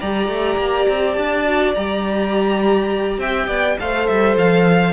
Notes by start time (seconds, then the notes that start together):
0.00 G3 G4 D5 A#5
0.27 A3
0.57 A#3
0.87 C4
1.13 D4 A5
1.44 F#4
1.74 G3 G4 A#5
3.18 C4 E5 G5
3.47 B3 D5
3.79 A3 A4 C5 F5
4.07 G3 E5
4.36 F3 F5